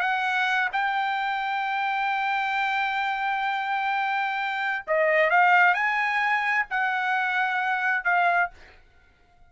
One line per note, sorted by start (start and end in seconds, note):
0.00 0.68 F#5
0.72 4.84 G5
4.87 5.30 D#5
5.30 5.74 F5
5.74 6.66 G#5
6.70 8.04 F#5
8.04 8.50 F5